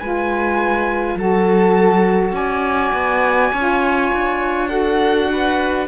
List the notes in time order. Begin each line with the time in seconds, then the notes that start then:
0.00 G#3 F4 B4 G#5
1.15 F#3 F#4 A4 A5
2.33 C#4 D5 G#5
2.93 B3
3.53 C#4 F4 C#5
4.13 D4
4.69 F#4 A4 F#5
5.32 B4